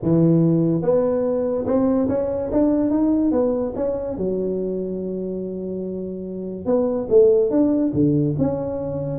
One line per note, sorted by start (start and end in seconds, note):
0.02 0.82 E3
0.82 1.65 B3
1.66 2.07 C4
2.08 2.50 C#4
2.51 2.90 D4
2.90 3.31 D#4
3.31 3.73 B3
3.75 4.17 C#4
4.17 6.65 F#3
6.65 7.07 B3
7.09 7.50 A3
7.50 7.92 D4
7.93 8.35 D3
8.38 9.19 C#4